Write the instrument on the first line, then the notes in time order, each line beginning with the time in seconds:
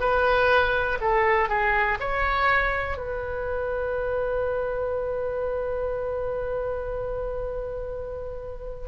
oboe
0.00 B4
1.01 A4
1.48 G#4
2.00 C#5
2.97 B4